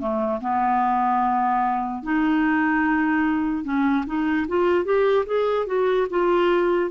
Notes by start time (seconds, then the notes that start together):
0.00 A3
0.41 B3
2.03 D#4
3.64 C#4
4.06 D#4
4.48 F4
4.85 G4
5.26 G#4
5.66 F#4
6.10 F4